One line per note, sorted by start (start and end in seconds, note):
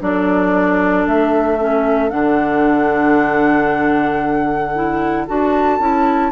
0.00 1.06 F#3
0.00 1.58 D4
0.00 6.32 A4
0.00 1.07 D5
1.07 2.12 A3
1.07 2.10 E5
1.59 2.10 C#4
2.10 5.28 D3
2.10 4.73 D4
2.10 5.25 F#5
4.75 5.27 E4
5.27 5.79 D4
5.27 5.80 F#4
5.27 6.32 A5
5.79 6.32 C#4
5.79 6.32 E4